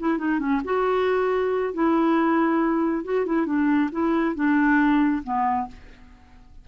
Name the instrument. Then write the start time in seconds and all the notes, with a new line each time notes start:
clarinet
0.00 E4
0.19 D#4
0.39 C#4
0.65 F#4
1.74 E4
3.05 F#4
3.26 E4
3.46 D4
3.92 E4
4.36 D4
5.24 B3